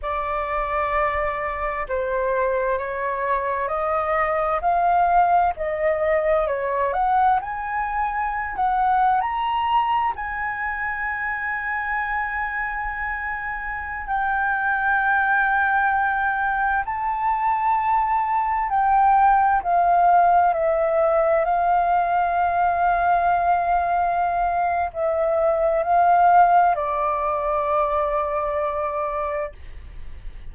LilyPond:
\new Staff \with { instrumentName = "flute" } { \time 4/4 \tempo 4 = 65 d''2 c''4 cis''4 | dis''4 f''4 dis''4 cis''8 fis''8 | gis''4~ gis''16 fis''8. ais''4 gis''4~ | gis''2.~ gis''16 g''8.~ |
g''2~ g''16 a''4.~ a''16~ | a''16 g''4 f''4 e''4 f''8.~ | f''2. e''4 | f''4 d''2. | }